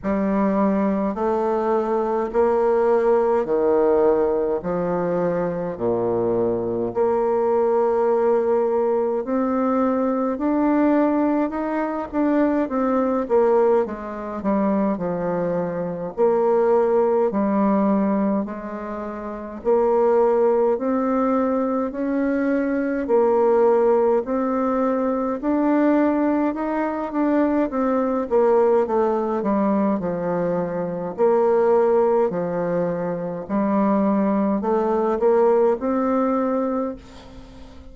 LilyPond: \new Staff \with { instrumentName = "bassoon" } { \time 4/4 \tempo 4 = 52 g4 a4 ais4 dis4 | f4 ais,4 ais2 | c'4 d'4 dis'8 d'8 c'8 ais8 | gis8 g8 f4 ais4 g4 |
gis4 ais4 c'4 cis'4 | ais4 c'4 d'4 dis'8 d'8 | c'8 ais8 a8 g8 f4 ais4 | f4 g4 a8 ais8 c'4 | }